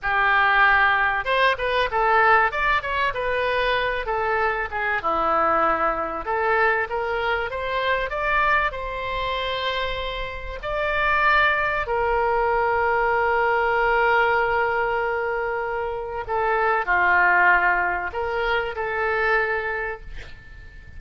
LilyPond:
\new Staff \with { instrumentName = "oboe" } { \time 4/4 \tempo 4 = 96 g'2 c''8 b'8 a'4 | d''8 cis''8 b'4. a'4 gis'8 | e'2 a'4 ais'4 | c''4 d''4 c''2~ |
c''4 d''2 ais'4~ | ais'1~ | ais'2 a'4 f'4~ | f'4 ais'4 a'2 | }